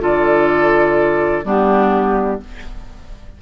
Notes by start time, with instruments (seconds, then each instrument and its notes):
0.00 bassoon D3, clarinet F4, oboe A4, flute D5
1.44 bassoon G3, clarinet B3, oboe D4, flute G4